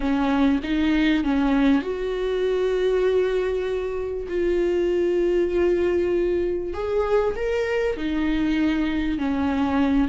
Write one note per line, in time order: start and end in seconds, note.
0.00 0.60 C#4
0.63 1.24 D#4
1.24 1.82 C#4
1.82 4.27 F#4
4.28 6.73 F4
6.73 7.35 G#4
7.35 7.96 A#4
7.96 9.18 D#4
9.18 10.08 C#4